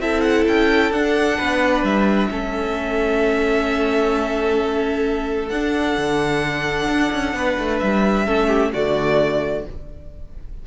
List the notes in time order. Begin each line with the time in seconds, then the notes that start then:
0.00 C4 E4 A4 E5
0.21 F#5
0.47 C#4 G5
0.91 D4 F#5
1.38 B3 B4
1.83 G3 E5
2.30 A3 C#4 A4
5.48 D4 F#5
5.97 D3
6.87 D4
7.12 C#4
7.34 B3 B4
7.58 A3
7.79 G3 E5
8.26 A3 C#4 A4
8.47 G4
8.73 D3 A3 F#4 D5